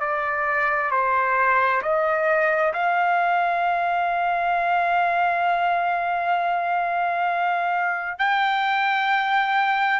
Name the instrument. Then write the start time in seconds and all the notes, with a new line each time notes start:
trumpet
0.00 D5
0.90 C5
1.82 D#5
2.73 F5
8.18 G5